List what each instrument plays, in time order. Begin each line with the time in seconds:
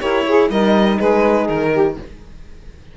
0.00 cello E4, horn G4, saxophone A#4, violin C#5
0.26 saxophone G#4, horn G#4
0.49 cello G3, horn D#4, saxophone A#4, violin D#5
0.98 cello G#3, saxophone G#4, violin B4
1.47 cello D#3, violin A#4
1.72 saxophone G4